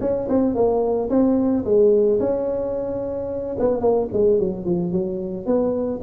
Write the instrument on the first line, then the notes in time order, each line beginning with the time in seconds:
tuba
0.00 C#4
0.29 C4
0.54 A#3
1.09 C4
1.64 G#3
2.20 C#4
3.59 B3
3.80 A#3
4.12 G#3
4.39 F#3
4.65 F3
4.91 F#3
5.45 B3